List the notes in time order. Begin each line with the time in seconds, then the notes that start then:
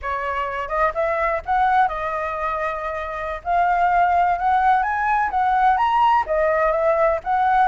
0.02 C#5
0.68 D#5
0.94 E5
1.45 F#5
1.88 D#5
3.44 F5
4.38 F#5
4.82 G#5
5.30 F#5
5.77 A#5
6.26 D#5
6.71 E5
7.23 F#5